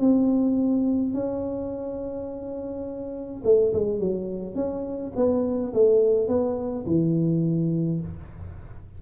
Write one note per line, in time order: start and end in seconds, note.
0.00 1.14 C4
1.14 3.43 C#4
3.45 3.73 A3
3.74 4.00 G#3
4.00 4.55 F#3
4.55 5.12 C#4
5.16 5.73 B3
5.74 6.28 A3
6.28 6.85 B3
6.86 8.01 E3